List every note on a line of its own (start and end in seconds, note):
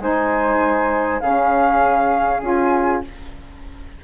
0.00 1.21 G#3
0.00 1.21 D#4
0.00 1.22 C5
0.00 1.20 G#5
1.20 2.42 C#3
1.20 2.43 C#4
1.20 3.04 G#4
1.20 2.42 F5
2.42 3.02 C#4
2.42 3.03 F4
2.42 3.04 G#5